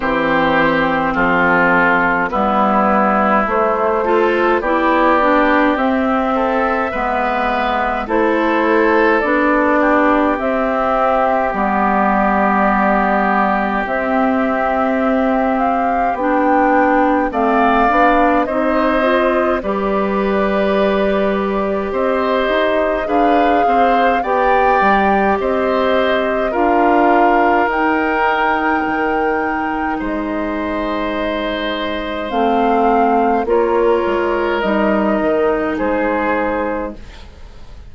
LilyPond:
<<
  \new Staff \with { instrumentName = "flute" } { \time 4/4 \tempo 4 = 52 c''4 a'4 b'4 c''4 | d''4 e''2 c''4 | d''4 e''4 d''2 | e''4. f''8 g''4 f''4 |
dis''4 d''2 dis''4 | f''4 g''4 dis''4 f''4 | g''2 dis''2 | f''4 cis''4 dis''4 c''4 | }
  \new Staff \with { instrumentName = "oboe" } { \time 4/4 g'4 f'4 e'4. a'8 | g'4. a'8 b'4 a'4~ | a'8 g'2.~ g'8~ | g'2. d''4 |
c''4 b'2 c''4 | b'8 c''8 d''4 c''4 ais'4~ | ais'2 c''2~ | c''4 ais'2 gis'4 | }
  \new Staff \with { instrumentName = "clarinet" } { \time 4/4 c'2 b4 a8 f'8 | e'8 d'8 c'4 b4 e'4 | d'4 c'4 b2 | c'2 d'4 c'8 d'8 |
dis'8 f'8 g'2. | gis'4 g'2 f'4 | dis'1 | c'4 f'4 dis'2 | }
  \new Staff \with { instrumentName = "bassoon" } { \time 4/4 e4 f4 g4 a4 | b4 c'4 gis4 a4 | b4 c'4 g2 | c'2 b4 a8 b8 |
c'4 g2 c'8 dis'8 | d'8 c'8 b8 g8 c'4 d'4 | dis'4 dis4 gis2 | a4 ais8 gis8 g8 dis8 gis4 | }
>>